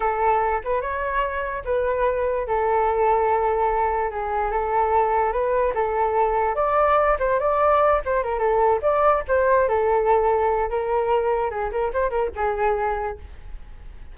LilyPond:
\new Staff \with { instrumentName = "flute" } { \time 4/4 \tempo 4 = 146 a'4. b'8 cis''2 | b'2 a'2~ | a'2 gis'4 a'4~ | a'4 b'4 a'2 |
d''4. c''8 d''4. c''8 | ais'8 a'4 d''4 c''4 a'8~ | a'2 ais'2 | gis'8 ais'8 c''8 ais'8 gis'2 | }